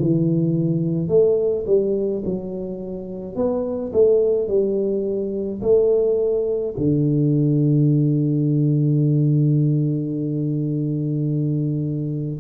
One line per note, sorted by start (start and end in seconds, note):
0.00 1.09 E3
1.09 1.65 A3
1.67 2.23 G3
2.25 3.36 F#3
3.36 3.92 B3
3.93 4.48 A3
4.48 5.61 G3
5.61 6.75 A3
6.78 12.41 D3